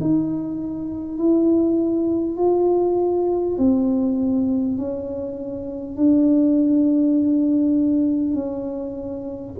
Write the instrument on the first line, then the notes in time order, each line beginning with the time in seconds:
tuba
0.00 D#4
1.18 E4
2.37 F4
3.58 C4
4.77 C#4
5.97 D4
8.34 C#4